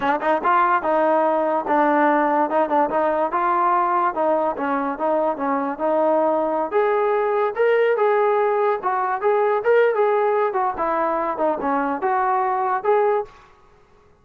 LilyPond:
\new Staff \with { instrumentName = "trombone" } { \time 4/4 \tempo 4 = 145 d'8 dis'8 f'4 dis'2 | d'2 dis'8 d'8 dis'4 | f'2 dis'4 cis'4 | dis'4 cis'4 dis'2~ |
dis'16 gis'2 ais'4 gis'8.~ | gis'4~ gis'16 fis'4 gis'4 ais'8. | gis'4. fis'8 e'4. dis'8 | cis'4 fis'2 gis'4 | }